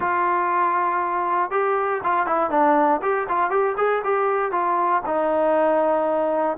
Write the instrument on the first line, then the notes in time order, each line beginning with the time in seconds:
trombone
0.00 F4
1.50 G4
2.03 F4
2.26 E4
2.50 D4
3.02 G4
3.29 F4
3.50 G4
3.77 G#4
4.03 G4
4.51 F4
5.06 D#4